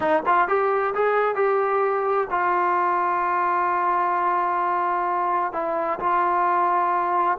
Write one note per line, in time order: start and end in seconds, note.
0.00 0.22 D#4
0.26 0.47 F4
0.47 0.94 G4
0.94 1.35 G#4
1.35 2.27 G4
2.30 5.53 F4
5.53 5.99 E4
5.99 7.38 F4